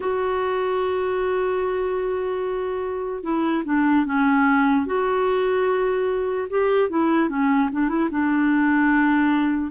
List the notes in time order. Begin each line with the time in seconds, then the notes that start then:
0.00 F#4
3.22 E4
3.64 D4
4.05 C#4
4.85 F#4
6.49 G4
6.89 E4
7.29 C#4
7.72 D4
7.89 E4
8.10 D4